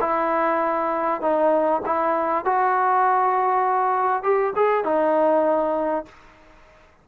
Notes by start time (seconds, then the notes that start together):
0.00 E4
1.21 D#4
1.86 E4
2.45 F#4
4.23 G4
4.55 G#4
4.84 D#4